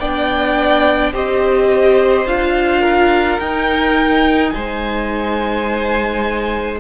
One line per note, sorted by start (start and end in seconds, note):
0.00 1.13 B3
0.00 1.13 D4
0.00 1.13 D5
0.00 1.13 G5
1.13 2.26 C4
1.13 2.27 G4
1.13 2.81 C5
1.13 2.27 D#5
2.26 3.39 D4
2.26 3.40 F4
2.26 3.40 F5
2.81 4.51 A#4
3.39 4.53 D#4
3.39 6.80 D#4
3.39 4.50 G5
4.50 6.80 G#3
4.50 6.80 C5
4.50 6.76 G#5